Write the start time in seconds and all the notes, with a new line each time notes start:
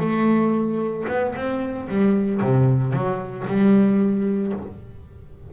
0.00 A3
1.08 B3
1.36 C4
1.89 G3
2.42 C3
2.93 F#3
3.47 G3